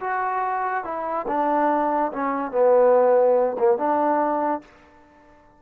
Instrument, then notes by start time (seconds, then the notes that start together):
trombone
0.00 F#4
0.84 E4
1.28 D4
2.12 C#4
2.51 B3
3.58 A#3
3.77 D4